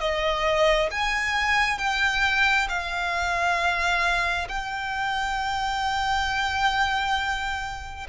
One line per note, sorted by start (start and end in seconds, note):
0.00 0.90 D#5
0.91 1.78 G#5
1.78 2.67 G5
2.68 4.47 F5
4.48 8.06 G5